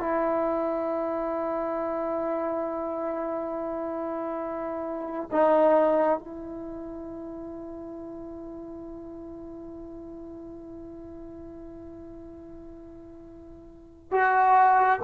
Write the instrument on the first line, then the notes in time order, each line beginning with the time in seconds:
trombone
0.00 E4
5.31 D#4
6.18 E4
14.11 F#4